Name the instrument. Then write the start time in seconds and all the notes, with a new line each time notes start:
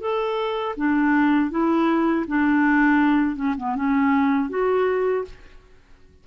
clarinet
0.00 A4
0.76 D4
1.50 E4
2.27 D4
3.35 C#4
3.57 B3
3.75 C#4
4.49 F#4